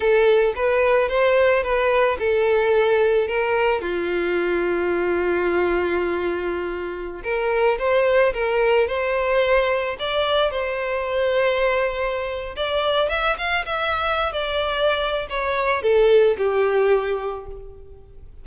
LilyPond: \new Staff \with { instrumentName = "violin" } { \time 4/4 \tempo 4 = 110 a'4 b'4 c''4 b'4 | a'2 ais'4 f'4~ | f'1~ | f'4~ f'16 ais'4 c''4 ais'8.~ |
ais'16 c''2 d''4 c''8.~ | c''2. d''4 | e''8 f''8 e''4~ e''16 d''4.~ d''16 | cis''4 a'4 g'2 | }